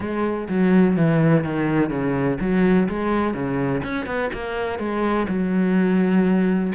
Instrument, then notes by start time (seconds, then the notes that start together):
cello
0.00 G#3
0.48 F#3
0.96 E3
1.44 D#3
1.89 C#3
2.40 F#3
2.88 G#3
3.34 C#3
3.83 C#4
4.06 B3
4.33 A#3
4.78 G#3
5.28 F#3